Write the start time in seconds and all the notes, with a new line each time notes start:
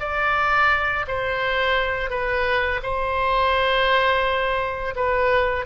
0.00 D5
1.07 C5
2.10 B4
2.83 C5
4.96 B4